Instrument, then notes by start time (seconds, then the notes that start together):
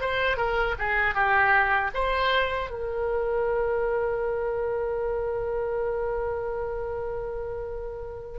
oboe
0.00 C5
0.37 A#4
0.78 G#4
1.14 G4
1.94 C5
2.70 A#4